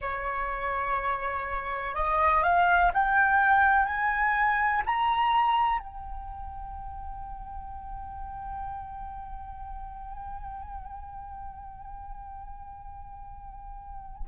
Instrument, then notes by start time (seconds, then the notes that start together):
flute
0.01 C#5
1.94 D#5
2.43 F5
2.93 G5
3.85 G#5
4.86 A#5
5.79 G5